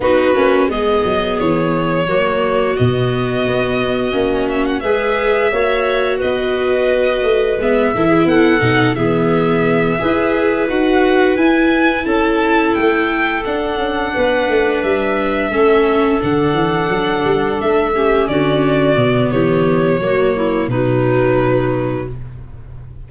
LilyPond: <<
  \new Staff \with { instrumentName = "violin" } { \time 4/4 \tempo 4 = 87 b'4 dis''4 cis''2 | dis''2~ dis''8 e''16 fis''16 e''4~ | e''4 dis''2 e''4 | fis''4 e''2~ e''8 fis''8~ |
fis''8 gis''4 a''4 g''4 fis''8~ | fis''4. e''2 fis''8~ | fis''4. e''4 d''4. | cis''2 b'2 | }
  \new Staff \with { instrumentName = "clarinet" } { \time 4/4 fis'4 gis'2 fis'4~ | fis'2. b'4 | cis''4 b'2~ b'8 a'16 gis'16 | a'4 gis'4. b'4.~ |
b'4. a'2~ a'8~ | a'8 b'2 a'4.~ | a'2 g'8 fis'4. | g'4 fis'8 e'8 dis'2 | }
  \new Staff \with { instrumentName = "viola" } { \time 4/4 dis'8 cis'8 b2 ais4 | b2 cis'4 gis'4 | fis'2. b8 e'8~ | e'8 dis'8 b4. gis'4 fis'8~ |
fis'8 e'2. d'8~ | d'2~ d'8 cis'4 d'8~ | d'2 cis'4. b8~ | b4 ais4 fis2 | }
  \new Staff \with { instrumentName = "tuba" } { \time 4/4 b8 ais8 gis8 fis8 e4 fis4 | b,4 b4 ais4 gis4 | ais4 b4. a8 gis8 e8 | b8 b,8 e4. e'4 dis'8~ |
dis'8 e'4 cis'4 a4 d'8 | cis'8 b8 a8 g4 a4 d8 | e8 fis8 g8 a4 d4 b,8 | e4 fis4 b,2 | }
>>